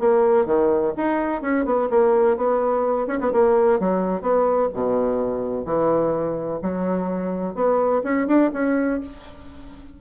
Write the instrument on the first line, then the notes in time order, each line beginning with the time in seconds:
bassoon
0.00 A#3
0.46 D#3
0.97 D#4
1.42 C#4
1.66 B3
1.90 A#3
2.37 B3
3.08 C#4
3.21 B3
3.33 A#3
3.80 F#3
4.22 B3
4.74 B2
5.66 E3
6.62 F#3
7.55 B3
8.04 C#4
8.28 D4
8.54 C#4